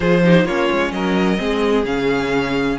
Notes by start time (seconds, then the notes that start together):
0.00 F3 F4 G#4 C5
0.23 D#4 G4
0.44 A#3 C#4 F4 C#5
0.71 G#3
0.91 F#3 A#4 D#5
1.37 G#3 C4 G#4
1.84 C#3 C#4 F5